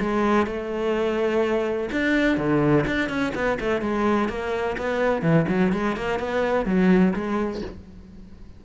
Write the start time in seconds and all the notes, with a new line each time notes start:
0.00 G#3
0.46 A3
1.92 D4
2.37 D3
2.87 D4
3.09 C#4
3.35 B3
3.60 A3
3.81 G#3
4.29 A#3
4.77 B3
5.22 E3
5.48 F#3
5.73 G#3
5.97 A#3
6.19 B3
6.66 F#3
7.14 G#3